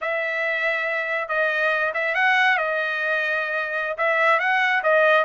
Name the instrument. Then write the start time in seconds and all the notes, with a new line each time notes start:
trumpet
0.01 E5
1.28 D#5
1.93 E5
2.14 F#5
2.57 D#5
3.97 E5
4.39 F#5
4.83 D#5